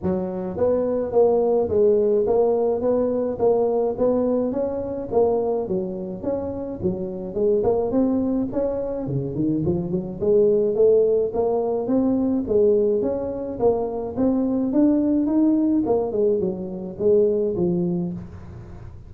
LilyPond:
\new Staff \with { instrumentName = "tuba" } { \time 4/4 \tempo 4 = 106 fis4 b4 ais4 gis4 | ais4 b4 ais4 b4 | cis'4 ais4 fis4 cis'4 | fis4 gis8 ais8 c'4 cis'4 |
cis8 dis8 f8 fis8 gis4 a4 | ais4 c'4 gis4 cis'4 | ais4 c'4 d'4 dis'4 | ais8 gis8 fis4 gis4 f4 | }